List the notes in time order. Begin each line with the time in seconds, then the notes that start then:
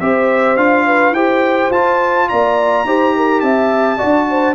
0.00 C4 G4 C5 E5
0.57 D4 F4 F5
0.86 B4
1.12 E4 G4 C5 G5
1.70 F4 A5
2.29 A#3 D5 A#5
2.85 D#4 G4 C5
3.17 A#4
3.41 C4 E5 A5
3.98 D4 F#4 D5
4.30 C5